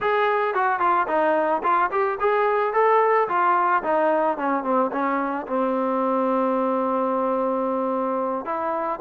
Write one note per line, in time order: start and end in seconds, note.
0.00 0.54 G#4
0.54 0.79 F#4
0.79 1.06 F4
1.07 1.62 D#4
1.63 1.90 F4
1.91 2.18 G4
2.20 2.73 G#4
2.73 3.28 A4
3.28 3.83 F4
3.83 4.37 D#4
4.37 4.63 C#4
4.63 4.90 C4
4.92 5.46 C#4
5.47 8.45 C4
8.45 8.99 E4